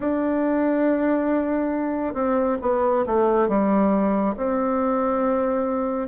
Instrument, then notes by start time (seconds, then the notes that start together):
bassoon
0.00 D4
2.14 C4
2.61 B3
3.06 A3
3.48 G3
4.37 C4